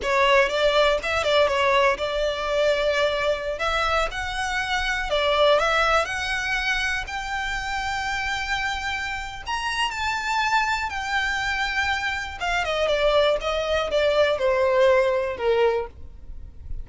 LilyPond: \new Staff \with { instrumentName = "violin" } { \time 4/4 \tempo 4 = 121 cis''4 d''4 e''8 d''8 cis''4 | d''2.~ d''16 e''8.~ | e''16 fis''2 d''4 e''8.~ | e''16 fis''2 g''4.~ g''16~ |
g''2. ais''4 | a''2 g''2~ | g''4 f''8 dis''8 d''4 dis''4 | d''4 c''2 ais'4 | }